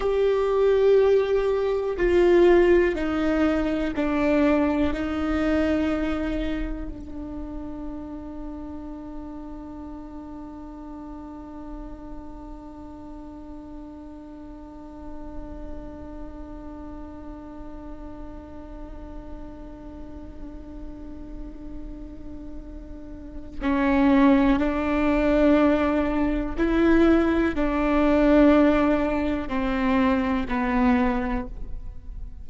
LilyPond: \new Staff \with { instrumentName = "viola" } { \time 4/4 \tempo 4 = 61 g'2 f'4 dis'4 | d'4 dis'2 d'4~ | d'1~ | d'1~ |
d'1~ | d'1 | cis'4 d'2 e'4 | d'2 c'4 b4 | }